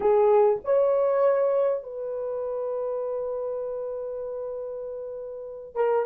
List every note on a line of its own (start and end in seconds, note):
0.00 0.59 G#4
0.64 1.83 C#5
1.83 5.75 B4
5.75 6.05 A#4